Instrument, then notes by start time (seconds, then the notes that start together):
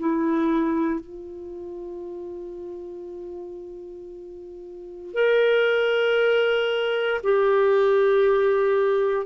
clarinet
0.00 E4
1.01 F4
5.14 A#4
7.24 G4